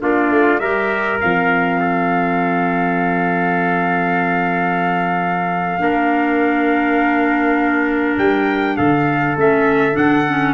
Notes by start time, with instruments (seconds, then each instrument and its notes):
0.00 tuba A#3, clarinet D4, trumpet F4 D5
0.30 tuba A3
0.60 tuba G3, clarinet G4, trumpet A#4 E5
1.20 tuba F3, clarinet C4, trumpet F5
1.80 trumpet A4
5.79 tuba A#3, clarinet D4, trumpet A#4
8.18 tuba G3, trumpet G5
8.77 tuba D3, trumpet A4 F5
9.37 tuba A3, clarinet C#4, trumpet E5
9.92 tuba D3, clarinet D4, trumpet F#5
10.29 clarinet C#4